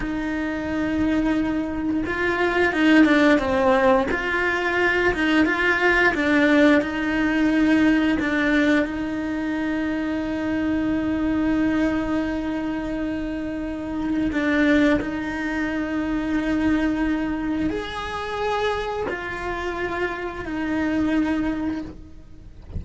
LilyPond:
\new Staff \with { instrumentName = "cello" } { \time 4/4 \tempo 4 = 88 dis'2. f'4 | dis'8 d'8 c'4 f'4. dis'8 | f'4 d'4 dis'2 | d'4 dis'2.~ |
dis'1~ | dis'4 d'4 dis'2~ | dis'2 gis'2 | f'2 dis'2 | }